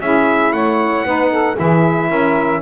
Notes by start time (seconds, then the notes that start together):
0.00 C#4 E4 G#4 E5
0.52 A3 C#5 F#5
1.04 B3 D#4 B4
1.30 A4
1.55 E3 E4 G#4 E5
2.08 C#4 A#4